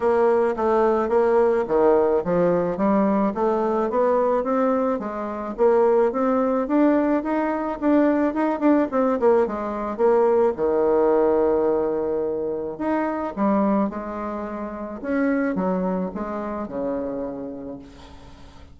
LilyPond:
\new Staff \with { instrumentName = "bassoon" } { \time 4/4 \tempo 4 = 108 ais4 a4 ais4 dis4 | f4 g4 a4 b4 | c'4 gis4 ais4 c'4 | d'4 dis'4 d'4 dis'8 d'8 |
c'8 ais8 gis4 ais4 dis4~ | dis2. dis'4 | g4 gis2 cis'4 | fis4 gis4 cis2 | }